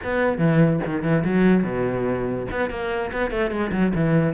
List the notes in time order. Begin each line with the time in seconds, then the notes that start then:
0.03 B3
0.38 E3
0.85 D#3
1.03 E3
1.24 F#3
1.63 B2
2.51 B3
2.70 A#3
3.12 B3
3.30 A3
3.50 G#3
3.72 F#3
3.94 E3